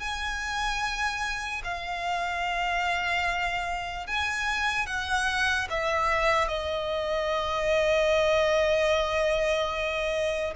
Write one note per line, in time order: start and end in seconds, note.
0.00 1.62 G#5
1.64 4.07 F5
4.07 4.87 G#5
4.87 5.68 F#5
5.71 6.49 E5
6.49 10.54 D#5